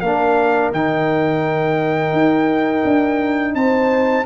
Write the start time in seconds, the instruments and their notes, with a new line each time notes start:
0.00 tuba A#3, trombone D4, horn A#4, trumpet F5
0.72 tuba D#3, trombone D#4, trumpet G5
2.12 tuba D#4
2.84 tuba D4
3.54 tuba C4, horn C5, trumpet A5